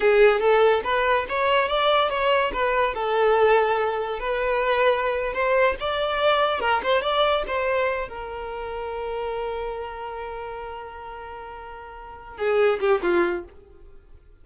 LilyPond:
\new Staff \with { instrumentName = "violin" } { \time 4/4 \tempo 4 = 143 gis'4 a'4 b'4 cis''4 | d''4 cis''4 b'4 a'4~ | a'2 b'2~ | b'8. c''4 d''2 ais'16~ |
ais'16 c''8 d''4 c''4. ais'8.~ | ais'1~ | ais'1~ | ais'4. gis'4 g'8 f'4 | }